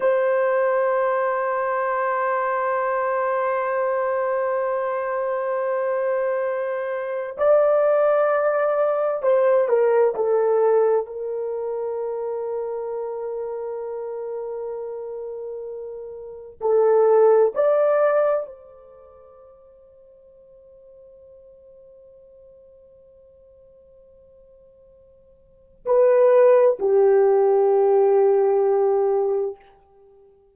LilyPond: \new Staff \with { instrumentName = "horn" } { \time 4/4 \tempo 4 = 65 c''1~ | c''1 | d''2 c''8 ais'8 a'4 | ais'1~ |
ais'2 a'4 d''4 | c''1~ | c''1 | b'4 g'2. | }